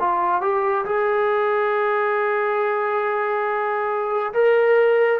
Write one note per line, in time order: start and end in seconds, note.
0.00 0.42 F4
0.42 0.85 G4
0.85 4.33 G#4
4.34 5.20 A#4